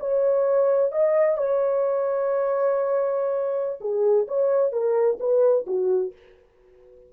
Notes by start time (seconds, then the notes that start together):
0.00 C#5
0.92 D#5
1.37 C#5
3.81 G#4
4.28 C#5
4.72 A#4
5.20 B4
5.66 F#4